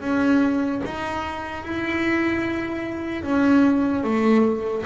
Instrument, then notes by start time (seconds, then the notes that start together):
double bass
0.00 C#4
0.84 D#4
1.63 E4
3.22 C#4
4.04 A3